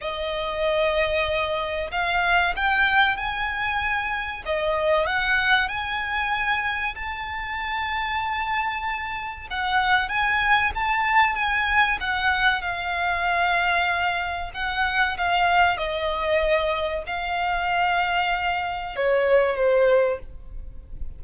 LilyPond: \new Staff \with { instrumentName = "violin" } { \time 4/4 \tempo 4 = 95 dis''2. f''4 | g''4 gis''2 dis''4 | fis''4 gis''2 a''4~ | a''2. fis''4 |
gis''4 a''4 gis''4 fis''4 | f''2. fis''4 | f''4 dis''2 f''4~ | f''2 cis''4 c''4 | }